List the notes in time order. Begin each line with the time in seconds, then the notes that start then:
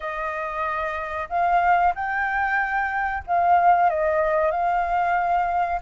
0.00 D#5
1.29 F5
1.94 G5
3.26 F5
3.89 D#5
4.51 F5